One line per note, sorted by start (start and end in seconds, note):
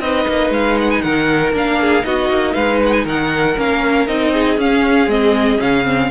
0.00 0.26 C4
0.00 1.54 D#4
0.00 1.04 B4
0.00 0.51 D#5
0.28 0.50 A#3
0.50 1.01 G#3
0.50 0.79 F5
0.80 0.91 F#5
0.91 1.02 G#5
1.02 1.53 D#3
1.02 1.80 A#4
1.02 1.53 F#5
1.53 2.04 A#3
1.53 2.03 D4
1.53 2.05 F5
1.81 2.06 G#4
2.03 2.30 B3
2.03 3.55 D#4
2.03 2.55 F#4
2.03 2.54 D#5
2.30 2.55 A#3
2.54 3.06 G#3
2.54 3.06 B4
2.54 2.79 F5
2.86 2.93 F#5
2.93 3.05 G#5
3.06 3.57 D#3
3.06 4.33 A#4
3.06 3.60 F#5
3.57 4.08 A#3
3.57 4.08 C#4
3.57 4.08 F5
4.08 4.58 C4
4.08 4.58 D#4
4.08 4.59 D#5
4.33 6.11 G#4
4.58 5.07 C#4
4.58 5.09 C#4
4.58 5.10 F5
5.07 5.58 G#3
5.07 5.59 C4
5.07 5.61 D#5
5.59 6.12 C#3
5.59 5.85 C#4
5.59 6.12 F5
5.85 6.10 C4